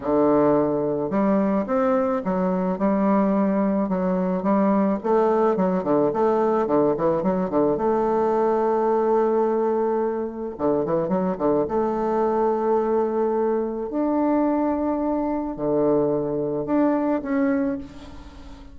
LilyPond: \new Staff \with { instrumentName = "bassoon" } { \time 4/4 \tempo 4 = 108 d2 g4 c'4 | fis4 g2 fis4 | g4 a4 fis8 d8 a4 | d8 e8 fis8 d8 a2~ |
a2. d8 e8 | fis8 d8 a2.~ | a4 d'2. | d2 d'4 cis'4 | }